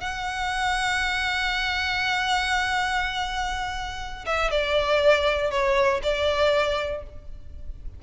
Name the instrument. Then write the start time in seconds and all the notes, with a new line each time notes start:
violin
0.00 F#5
4.26 E5
4.50 D5
5.50 C#5
6.02 D5